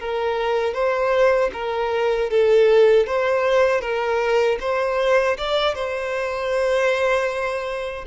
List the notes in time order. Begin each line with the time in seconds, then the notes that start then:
0.00 A#4
0.74 C5
1.53 A#4
2.31 A4
3.07 C5
3.81 A#4
4.60 C5
5.38 D5
5.75 C5